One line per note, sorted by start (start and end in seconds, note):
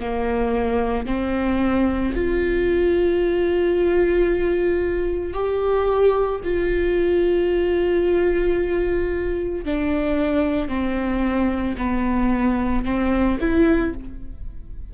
0.00 1.07 A#3
1.07 2.14 C4
2.15 5.34 F4
5.34 6.41 G4
6.44 9.66 F4
9.66 10.69 D4
10.69 11.76 C4
11.78 12.85 B3
12.85 13.39 C4
13.41 13.94 E4